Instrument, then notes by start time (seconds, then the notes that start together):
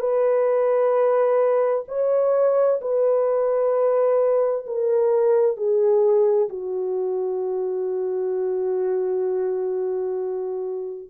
horn
0.00 B4
1.88 C#5
2.82 B4
4.67 A#4
5.57 G#4
6.50 F#4